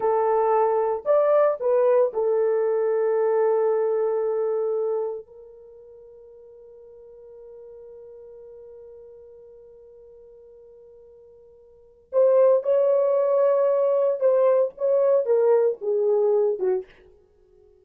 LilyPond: \new Staff \with { instrumentName = "horn" } { \time 4/4 \tempo 4 = 114 a'2 d''4 b'4 | a'1~ | a'2 ais'2~ | ais'1~ |
ais'1~ | ais'2. c''4 | cis''2. c''4 | cis''4 ais'4 gis'4. fis'8 | }